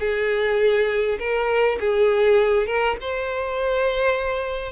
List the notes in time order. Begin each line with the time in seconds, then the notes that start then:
0.00 G#4
1.20 A#4
1.80 G#4
2.67 A#4
3.01 C5